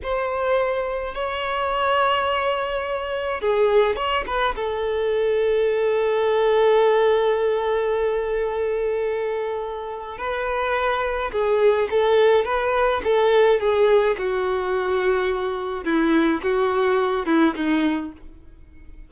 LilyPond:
\new Staff \with { instrumentName = "violin" } { \time 4/4 \tempo 4 = 106 c''2 cis''2~ | cis''2 gis'4 cis''8 b'8 | a'1~ | a'1~ |
a'2 b'2 | gis'4 a'4 b'4 a'4 | gis'4 fis'2. | e'4 fis'4. e'8 dis'4 | }